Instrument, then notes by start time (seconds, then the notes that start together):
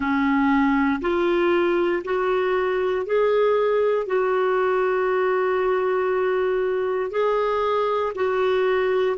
clarinet
0.00 C#4
1.01 F4
2.04 F#4
3.06 G#4
4.06 F#4
7.10 G#4
8.15 F#4